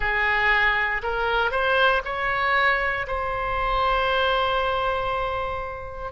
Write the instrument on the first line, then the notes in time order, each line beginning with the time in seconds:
oboe
0.00 G#4
1.02 A#4
1.51 C5
2.04 C#5
3.07 C5